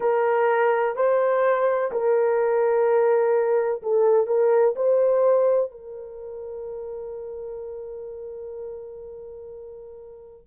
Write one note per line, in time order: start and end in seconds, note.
0.00 0.95 A#4
0.95 1.90 C5
1.91 3.81 A#4
3.82 4.26 A4
4.26 4.74 A#4
4.75 5.71 C5
5.71 10.47 A#4